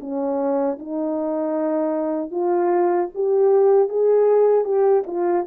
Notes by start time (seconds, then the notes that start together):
0.00 C#4
0.79 D#4
2.31 F4
3.14 G4
3.89 G#4
4.64 G4
5.06 F4